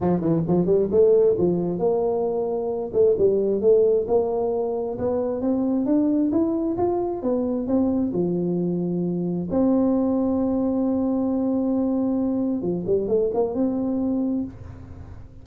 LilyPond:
\new Staff \with { instrumentName = "tuba" } { \time 4/4 \tempo 4 = 133 f8 e8 f8 g8 a4 f4 | ais2~ ais8 a8 g4 | a4 ais2 b4 | c'4 d'4 e'4 f'4 |
b4 c'4 f2~ | f4 c'2.~ | c'1 | f8 g8 a8 ais8 c'2 | }